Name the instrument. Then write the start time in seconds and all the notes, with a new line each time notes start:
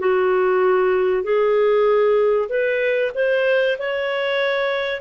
clarinet
0.00 F#4
1.24 G#4
2.49 B4
3.15 C5
3.79 C#5